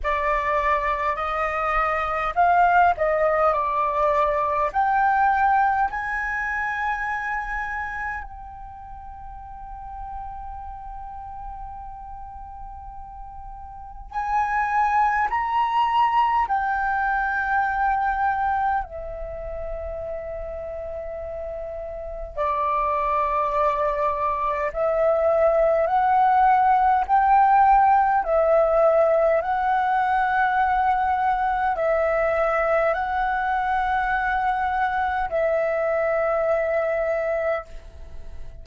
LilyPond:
\new Staff \with { instrumentName = "flute" } { \time 4/4 \tempo 4 = 51 d''4 dis''4 f''8 dis''8 d''4 | g''4 gis''2 g''4~ | g''1 | gis''4 ais''4 g''2 |
e''2. d''4~ | d''4 e''4 fis''4 g''4 | e''4 fis''2 e''4 | fis''2 e''2 | }